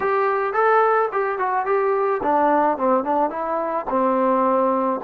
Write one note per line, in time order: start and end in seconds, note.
0.00 0.53 G4
0.53 1.08 A4
1.12 1.38 G4
1.38 1.65 F#4
1.65 2.21 G4
2.22 2.77 D4
2.77 3.04 C4
3.04 3.30 D4
3.30 3.85 E4
3.89 5.00 C4